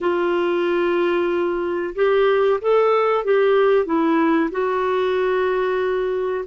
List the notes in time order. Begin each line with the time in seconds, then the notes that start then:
0.00 F4
1.95 G4
2.61 A4
3.24 G4
3.85 E4
4.51 F#4